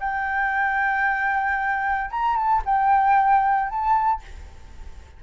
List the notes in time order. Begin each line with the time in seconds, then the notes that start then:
0.00 G5
2.11 A#5
2.36 A5
2.66 G5
3.69 A5